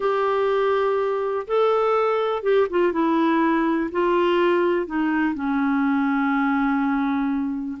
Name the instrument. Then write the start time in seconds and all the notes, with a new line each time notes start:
clarinet
0.00 G4
1.47 A4
2.42 G4
2.70 F4
2.92 E4
3.91 F4
4.86 D#4
5.34 C#4